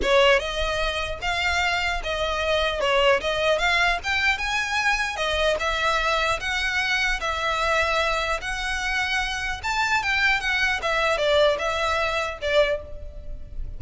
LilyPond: \new Staff \with { instrumentName = "violin" } { \time 4/4 \tempo 4 = 150 cis''4 dis''2 f''4~ | f''4 dis''2 cis''4 | dis''4 f''4 g''4 gis''4~ | gis''4 dis''4 e''2 |
fis''2 e''2~ | e''4 fis''2. | a''4 g''4 fis''4 e''4 | d''4 e''2 d''4 | }